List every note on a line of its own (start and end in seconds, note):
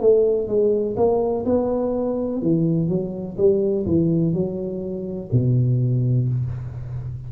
0.00 0.47 A3
0.47 0.95 G#3
0.96 1.45 A#3
1.45 2.42 B3
2.42 2.88 E3
2.88 3.37 F#3
3.37 3.85 G3
3.86 4.33 E3
4.33 5.30 F#3
5.31 6.28 B2